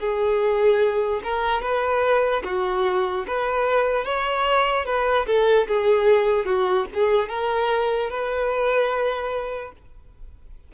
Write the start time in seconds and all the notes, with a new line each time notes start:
0.00 G#4
1.24 A#4
1.62 B4
2.44 F#4
3.27 B4
4.05 C#5
4.86 B4
5.27 A4
5.68 G#4
6.46 F#4
6.94 G#4
7.29 A#4
8.10 B4